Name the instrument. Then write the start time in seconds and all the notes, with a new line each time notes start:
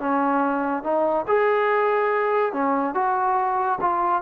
trombone
0.00 C#4
0.84 D#4
1.28 G#4
2.53 C#4
2.95 F#4
3.81 F4